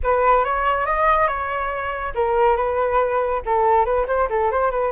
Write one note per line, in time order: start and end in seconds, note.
0.03 0.44 B4
0.44 0.86 C#5
0.86 1.27 D#5
1.27 2.13 C#5
2.14 2.56 A#4
2.56 3.42 B4
3.45 3.85 A4
3.85 4.06 B4
4.07 4.28 C5
4.29 4.51 A4
4.51 4.70 C5
4.70 4.91 B4